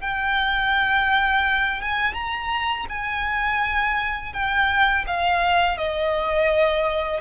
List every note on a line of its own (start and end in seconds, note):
0.00 1.81 G5
1.81 2.14 G#5
2.14 2.86 A#5
2.88 4.32 G#5
4.32 5.05 G5
5.07 5.77 F5
5.77 7.20 D#5